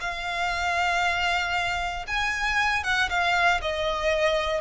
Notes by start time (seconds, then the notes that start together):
0.00 F5
2.07 G#5
2.83 F#5
3.09 F5
3.61 D#5